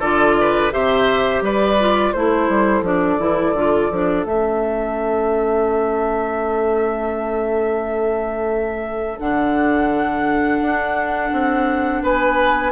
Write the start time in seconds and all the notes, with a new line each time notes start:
0.00 D3 F4 A4 D5
0.41 B4
0.72 C3 G4 C5 E5
1.42 G3 B4 D5
1.80 F4
2.13 A3 E4 A4 C5
2.49 G3
2.82 F3 D4 D5
3.20 E3 E4
3.54 D3 F4
3.91 F3 D4
4.25 A3 C#4 E5
9.20 D3 D4 F#5
10.61 D4
11.32 C4
12.03 B3 B4 G#5